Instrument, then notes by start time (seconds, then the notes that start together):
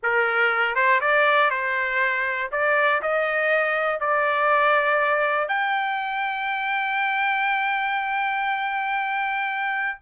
trumpet
0.02 A#4
0.75 C5
1.00 D5
1.50 C5
2.51 D5
3.01 D#5
4.00 D5
5.48 G5